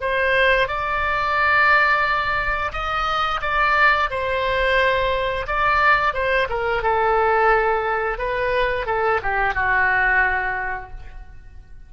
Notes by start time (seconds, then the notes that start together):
0.00 C5
0.68 D5
2.72 D#5
3.41 D5
4.10 C5
5.47 D5
6.13 C5
6.49 A#4
6.82 A4
8.18 B4
8.86 A4
9.22 G4
9.54 F#4